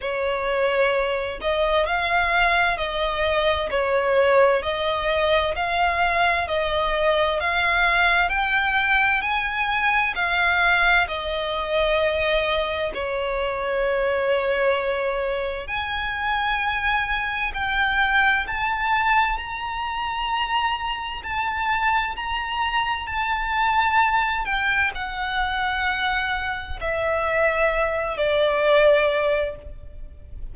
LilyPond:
\new Staff \with { instrumentName = "violin" } { \time 4/4 \tempo 4 = 65 cis''4. dis''8 f''4 dis''4 | cis''4 dis''4 f''4 dis''4 | f''4 g''4 gis''4 f''4 | dis''2 cis''2~ |
cis''4 gis''2 g''4 | a''4 ais''2 a''4 | ais''4 a''4. g''8 fis''4~ | fis''4 e''4. d''4. | }